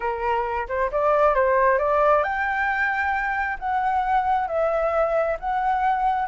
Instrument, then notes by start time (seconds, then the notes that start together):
flute
0.00 A#4
0.68 C5
0.91 D5
1.35 C5
1.78 D5
2.23 G5
3.59 F#5
4.47 E5
5.39 F#5